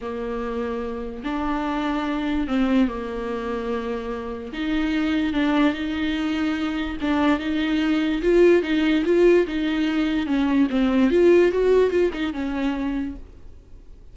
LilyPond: \new Staff \with { instrumentName = "viola" } { \time 4/4 \tempo 4 = 146 ais2. d'4~ | d'2 c'4 ais4~ | ais2. dis'4~ | dis'4 d'4 dis'2~ |
dis'4 d'4 dis'2 | f'4 dis'4 f'4 dis'4~ | dis'4 cis'4 c'4 f'4 | fis'4 f'8 dis'8 cis'2 | }